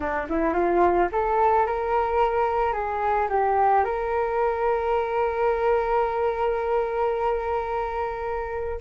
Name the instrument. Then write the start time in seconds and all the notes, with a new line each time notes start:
flute
0.00 D4
0.29 E4
0.53 F4
1.12 A4
1.66 A#4
2.72 G#4
3.29 G4
3.84 A#4